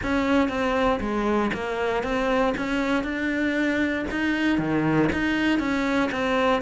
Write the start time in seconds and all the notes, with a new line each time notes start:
0.03 C#4
0.48 C4
1.00 G#3
1.53 A#3
2.03 C4
2.57 C#4
3.03 D4
4.10 D#4
4.58 D#3
5.12 D#4
5.59 C#4
6.11 C4